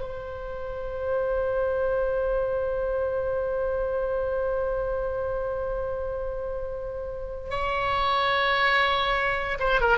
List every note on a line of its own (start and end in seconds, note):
0.00 7.50 C5
7.50 9.58 C#5
9.59 9.80 C5
9.80 9.98 A#4